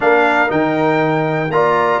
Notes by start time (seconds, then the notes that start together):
0.00 A#3 D4 A#4 F5
0.47 D#3 D#4 G5
1.50 A#3 F4 D5 A#5